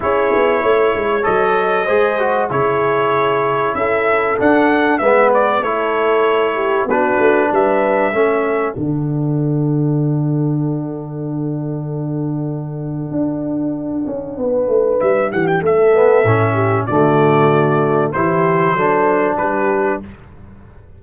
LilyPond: <<
  \new Staff \with { instrumentName = "trumpet" } { \time 4/4 \tempo 4 = 96 cis''2 dis''2 | cis''2 e''4 fis''4 | e''8 d''8 cis''2 b'4 | e''2 fis''2~ |
fis''1~ | fis''1 | e''8 fis''16 g''16 e''2 d''4~ | d''4 c''2 b'4 | }
  \new Staff \with { instrumentName = "horn" } { \time 4/4 gis'4 cis''2 c''4 | gis'2 a'2 | b'4 a'4. g'8 fis'4 | b'4 a'2.~ |
a'1~ | a'2. b'4~ | b'8 g'8 a'4. g'8 fis'4~ | fis'4 g'4 a'4 g'4 | }
  \new Staff \with { instrumentName = "trombone" } { \time 4/4 e'2 a'4 gis'8 fis'8 | e'2. d'4 | b4 e'2 d'4~ | d'4 cis'4 d'2~ |
d'1~ | d'1~ | d'4. b8 cis'4 a4~ | a4 e'4 d'2 | }
  \new Staff \with { instrumentName = "tuba" } { \time 4/4 cis'8 b8 a8 gis8 fis4 gis4 | cis2 cis'4 d'4 | gis4 a2 b8 a8 | g4 a4 d2~ |
d1~ | d4 d'4. cis'8 b8 a8 | g8 e8 a4 a,4 d4~ | d4 e4 fis4 g4 | }
>>